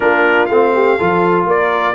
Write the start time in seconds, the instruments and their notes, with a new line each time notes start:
0.00 tuba A#3, trombone D4, horn F4, trumpet A#4
0.46 tuba A3, trombone C4, trumpet F5
0.73 horn G4
0.96 tuba F3, trombone F4, horn A4
1.45 tuba A#3, horn A#4, trumpet D5